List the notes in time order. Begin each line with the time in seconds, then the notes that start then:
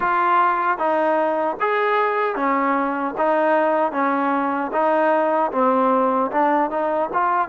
0.00 F4
0.78 D#4
1.60 G#4
2.35 C#4
3.17 D#4
3.92 C#4
4.72 D#4
5.51 C4
6.31 D4
6.70 D#4
7.13 F4